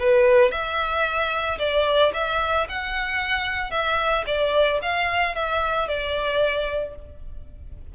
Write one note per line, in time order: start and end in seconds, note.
0.00 0.52 B4
0.52 1.59 E5
1.59 2.13 D5
2.14 2.67 E5
2.69 3.71 F#5
3.71 4.25 E5
4.27 4.80 D5
4.82 5.35 F5
5.35 5.88 E5
5.88 6.95 D5